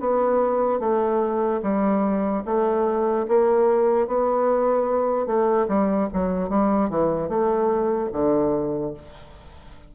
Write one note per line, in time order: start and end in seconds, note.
0.00 0.80 B3
0.80 1.61 A3
1.63 2.44 G3
2.45 3.26 A3
3.28 4.07 A#3
4.07 5.26 B3
5.26 5.67 A3
5.68 6.08 G3
6.13 6.49 F#3
6.49 6.90 G3
6.90 7.29 E3
7.29 8.10 A3
8.13 8.94 D3